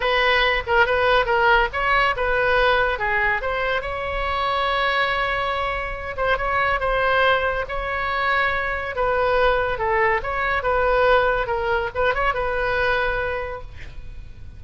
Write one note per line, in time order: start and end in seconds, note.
0.00 0.63 B4
0.67 0.85 A#4
0.85 1.25 B4
1.25 1.68 A#4
1.72 2.15 C#5
2.16 2.98 B4
2.98 3.41 G#4
3.41 3.81 C5
3.81 6.15 C#5
6.16 6.37 C5
6.37 6.80 C#5
6.80 7.65 C5
7.68 8.95 C#5
8.95 9.78 B4
9.78 10.21 A4
10.22 10.62 C#5
10.62 11.46 B4
11.46 11.89 A#4
11.95 12.14 B4
12.14 12.33 C#5
12.33 13.61 B4